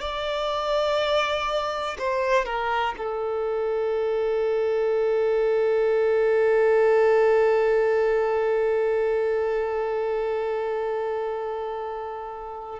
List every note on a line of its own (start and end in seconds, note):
0.00 1.97 D5
1.98 2.45 C5
2.45 2.94 A#4
2.97 12.80 A4